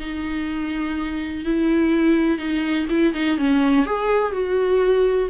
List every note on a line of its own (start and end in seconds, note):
0.00 1.45 D#4
1.45 2.38 E4
2.38 2.87 D#4
2.90 3.14 E4
3.14 3.38 D#4
3.38 3.86 C#4
3.86 4.33 G#4
4.33 5.29 F#4